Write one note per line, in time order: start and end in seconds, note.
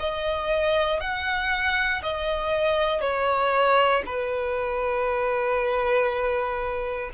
0.00 1.00 D#5
1.00 2.02 F#5
2.03 3.01 D#5
3.01 4.03 C#5
4.06 7.11 B4